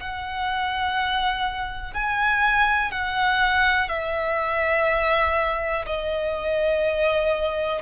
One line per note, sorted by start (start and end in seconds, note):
0.00 1.94 F#5
1.94 2.92 G#5
2.92 3.89 F#5
3.89 5.86 E5
5.87 7.82 D#5